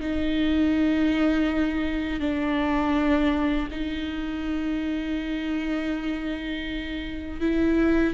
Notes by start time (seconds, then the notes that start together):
0.00 D#4
2.20 D4
3.70 D#4
7.40 E4